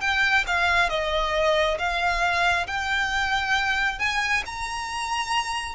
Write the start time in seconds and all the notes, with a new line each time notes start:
0.00 G5
0.47 F5
0.89 D#5
1.78 F5
2.67 G5
3.99 G#5
4.46 A#5